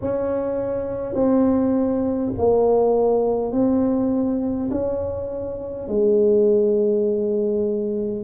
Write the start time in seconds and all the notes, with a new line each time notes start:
0.01 C#4
1.14 C4
2.38 A#3
3.51 C4
4.71 C#4
5.88 G#3